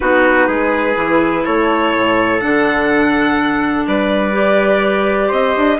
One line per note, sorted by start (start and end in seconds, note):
0.00 0.47 B3
0.00 0.95 D#4
0.00 0.47 F#4
0.00 1.45 B4
0.47 0.95 G#3
0.47 1.44 G#4
0.95 1.44 E3
0.95 2.40 E4
1.44 1.94 A3
1.44 3.86 A4
1.44 2.41 C#5
1.94 2.42 A2
2.40 3.86 D3
2.40 4.32 D4
2.40 3.86 F#5
3.86 5.31 G3
3.86 5.27 B4
3.86 5.31 D5
4.32 5.77 G4
5.27 5.55 C4
5.27 5.76 C5
5.27 5.80 D#5
5.55 5.80 D4